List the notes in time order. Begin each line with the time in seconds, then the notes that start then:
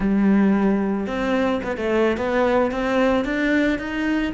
0.00 G3
1.06 C4
1.63 B3
1.77 A3
2.17 B3
2.71 C4
3.25 D4
3.78 D#4